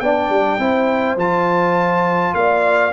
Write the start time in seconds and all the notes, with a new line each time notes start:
0.00 B3 D4 D5 G5
0.30 G3
0.59 C4 E4 C5
1.17 F3 F4 A5
2.34 A#3 D5 F5